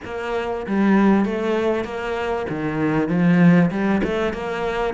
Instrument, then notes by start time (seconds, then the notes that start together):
cello
0.04 A#3
0.67 G3
1.25 A3
1.84 A#3
2.49 D#3
3.08 F3
3.70 G3
4.03 A3
4.33 A#3